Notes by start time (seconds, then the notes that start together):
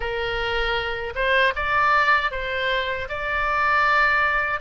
0.00 A#4
1.15 C5
1.55 D5
2.31 C5
3.08 D5